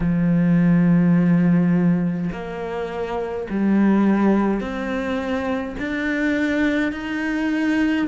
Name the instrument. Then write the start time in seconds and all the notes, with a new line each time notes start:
cello
0.00 F3
2.32 A#3
3.50 G3
4.60 C4
5.78 D4
6.92 D#4